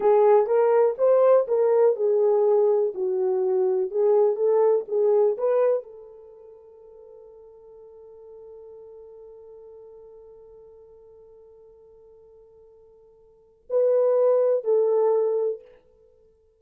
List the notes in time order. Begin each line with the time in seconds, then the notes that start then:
0.00 G#4
0.46 A#4
0.98 C5
1.47 A#4
1.95 G#4
2.94 F#4
3.90 G#4
4.36 A4
4.88 G#4
5.37 B4
5.83 A4
13.69 B4
14.64 A4